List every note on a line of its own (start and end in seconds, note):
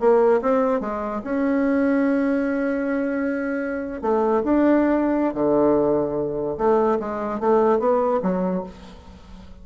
0.00 0.41 A#3
0.42 0.81 C4
0.81 1.22 G#3
1.24 4.02 C#4
4.02 4.43 A3
4.44 5.34 D4
5.34 6.58 D3
6.58 6.99 A3
7.00 7.40 G#3
7.40 7.79 A3
7.79 8.20 B3
8.22 8.64 F#3